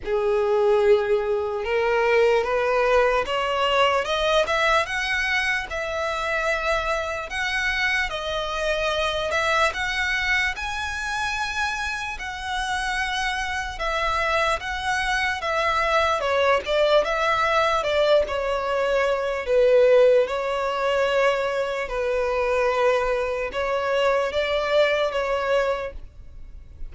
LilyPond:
\new Staff \with { instrumentName = "violin" } { \time 4/4 \tempo 4 = 74 gis'2 ais'4 b'4 | cis''4 dis''8 e''8 fis''4 e''4~ | e''4 fis''4 dis''4. e''8 | fis''4 gis''2 fis''4~ |
fis''4 e''4 fis''4 e''4 | cis''8 d''8 e''4 d''8 cis''4. | b'4 cis''2 b'4~ | b'4 cis''4 d''4 cis''4 | }